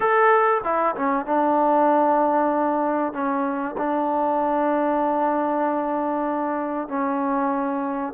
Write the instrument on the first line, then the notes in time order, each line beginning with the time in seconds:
trombone
0.00 A4
0.64 E4
0.95 C#4
1.26 D4
3.13 C#4
3.77 D4
6.88 C#4